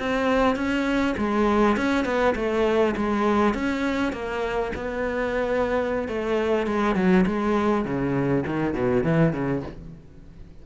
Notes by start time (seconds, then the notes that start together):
0.00 C4
0.56 C#4
1.18 G#3
1.77 C#4
2.05 B3
2.36 A3
2.97 G#3
3.55 C#4
4.13 A#3
4.76 B3
6.09 A3
6.67 G#3
6.96 F#3
7.27 G#3
7.85 C#3
8.47 D#3
8.74 B2
9.04 E3
9.33 C#3